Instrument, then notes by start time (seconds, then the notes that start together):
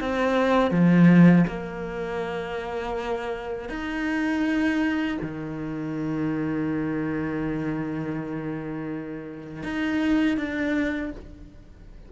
cello
0.00 C4
0.71 F3
1.48 A#3
3.70 D#4
5.22 D#3
9.63 D#4
10.38 D4